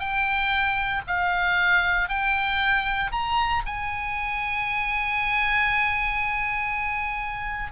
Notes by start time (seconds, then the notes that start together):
0.00 G5
1.08 F5
2.09 G5
3.12 A#5
3.67 G#5